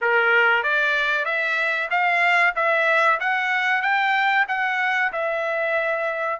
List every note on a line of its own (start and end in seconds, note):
0.01 0.63 A#4
0.63 1.25 D5
1.25 1.89 E5
1.90 2.54 F5
2.55 3.19 E5
3.20 3.82 F#5
3.82 4.45 G5
4.48 5.12 F#5
5.12 6.39 E5